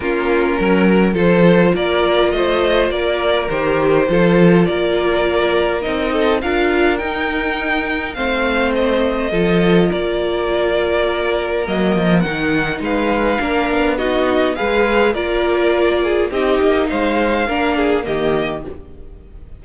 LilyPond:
<<
  \new Staff \with { instrumentName = "violin" } { \time 4/4 \tempo 4 = 103 ais'2 c''4 d''4 | dis''4 d''4 c''2 | d''2 dis''4 f''4 | g''2 f''4 dis''4~ |
dis''4 d''2. | dis''4 fis''4 f''2 | dis''4 f''4 d''2 | dis''4 f''2 dis''4 | }
  \new Staff \with { instrumentName = "violin" } { \time 4/4 f'4 ais'4 a'4 ais'4 | c''4 ais'2 a'4 | ais'2~ ais'8 a'8 ais'4~ | ais'2 c''2 |
a'4 ais'2.~ | ais'2 b'4 ais'4 | fis'4 b'4 ais'4. gis'8 | g'4 c''4 ais'8 gis'8 g'4 | }
  \new Staff \with { instrumentName = "viola" } { \time 4/4 cis'2 f'2~ | f'2 g'4 f'4~ | f'2 dis'4 f'4 | dis'2 c'2 |
f'1 | ais4 dis'2 d'4 | dis'4 gis'4 f'2 | dis'2 d'4 ais4 | }
  \new Staff \with { instrumentName = "cello" } { \time 4/4 ais4 fis4 f4 ais4 | a4 ais4 dis4 f4 | ais2 c'4 d'4 | dis'2 a2 |
f4 ais2. | fis8 f8 dis4 gis4 ais8 b8~ | b4 gis4 ais2 | c'8 ais8 gis4 ais4 dis4 | }
>>